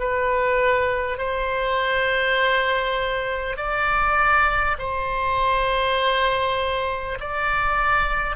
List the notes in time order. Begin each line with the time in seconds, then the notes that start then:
0.00 B4
1.18 C5
3.57 D5
4.79 C5
7.21 D5